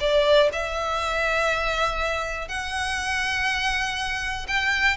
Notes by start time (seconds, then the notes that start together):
0.00 D5
0.52 E5
2.48 F#5
4.48 G5